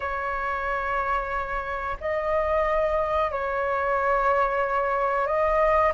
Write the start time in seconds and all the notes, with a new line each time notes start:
0.00 C#5
2.00 D#5
3.31 C#5
5.26 D#5